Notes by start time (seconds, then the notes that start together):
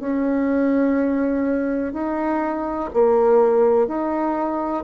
0.00 C#4
1.93 D#4
2.93 A#3
3.88 D#4